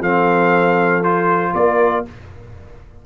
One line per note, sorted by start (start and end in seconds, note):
0.00 1.53 F3
0.00 1.04 C4
0.00 1.53 A4
0.00 1.03 F5
1.03 2.05 F4
1.03 1.54 C5
1.54 2.05 A#3
1.54 2.06 A#4
1.54 2.05 D5